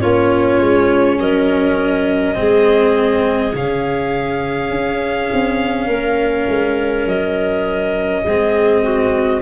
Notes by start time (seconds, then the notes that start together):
0.00 A#3 C#4 F4 C#5
0.59 G#3
1.18 F#3 A#4 D#5
2.35 G#3 C4 G#4
3.54 C#3 C#4 F5
4.70 C#4
5.33 C4
5.87 A#3 A#4
6.49 G#3
7.06 F#3 D#5
8.23 G#3 C4 G#4
8.82 F#4